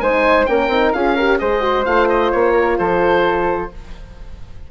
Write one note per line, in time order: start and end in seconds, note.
0.00 0.46 G#3
0.00 0.46 D#4
0.00 0.48 C5
0.00 0.46 G#5
0.46 0.68 A#3
0.46 0.69 C#4
0.46 0.95 A#4
0.46 0.92 G5
0.68 0.91 C4
0.68 0.94 D#4
0.92 1.40 C#4
0.92 1.17 F4
0.92 1.15 G#4
0.92 1.38 F5
1.15 1.39 G4
1.15 1.38 A#4
1.38 1.86 G#3
1.38 1.60 G#4
1.38 2.52 C5
1.38 1.85 D#5
1.60 1.83 F#4
1.85 2.32 A3
1.85 3.69 F4
1.85 2.08 F5
2.09 2.31 D#5
2.31 2.79 A#3
2.31 2.77 C#5
2.52 2.75 A#4
2.77 3.71 F3
2.77 3.71 A4
2.77 3.70 C5